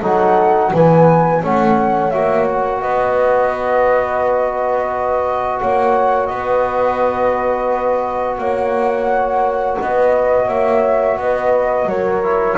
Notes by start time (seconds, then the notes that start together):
0.00 F#3 D#4 A4 F#5
0.72 E3 B3 B4 G#5
1.41 A3 C#4 C#5 F#5
2.10 A#3 F#4 E5
2.51 F#5
2.81 B3 B4 D#5
5.59 A#3 C#5 F#5
6.26 B3 B4 D#5
8.37 A#3 C#5 F#5
9.80 B3 B4 D#5
10.46 A#3 C#5 E5
11.17 B3 B4 D#5
11.85 F#3 A#4 C#5
12.23 E4